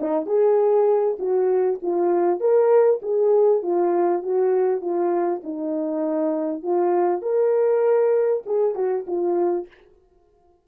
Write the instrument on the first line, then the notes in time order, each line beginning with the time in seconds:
horn
0.00 D#4
0.26 G#4
1.18 F#4
1.82 F4
2.40 A#4
3.02 G#4
3.62 F4
4.22 F#4
4.80 F4
5.43 D#4
6.62 F4
7.21 A#4
8.45 G#4
8.75 F#4
9.07 F4